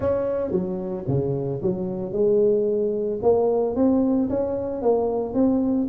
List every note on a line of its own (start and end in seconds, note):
0.00 0.51 C#4
0.51 1.04 F#3
1.07 1.61 C#3
1.62 2.12 F#3
2.12 3.19 G#3
3.22 3.75 A#3
3.75 4.29 C4
4.29 4.82 C#4
4.82 5.34 A#3
5.34 5.87 C4